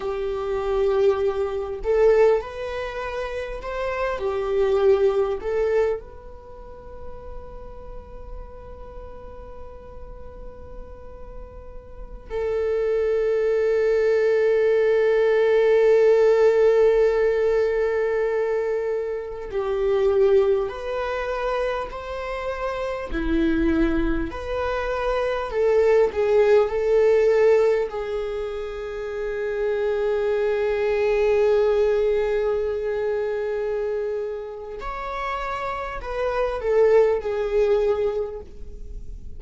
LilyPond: \new Staff \with { instrumentName = "viola" } { \time 4/4 \tempo 4 = 50 g'4. a'8 b'4 c''8 g'8~ | g'8 a'8 b'2.~ | b'2~ b'16 a'4.~ a'16~ | a'1~ |
a'16 g'4 b'4 c''4 e'8.~ | e'16 b'4 a'8 gis'8 a'4 gis'8.~ | gis'1~ | gis'4 cis''4 b'8 a'8 gis'4 | }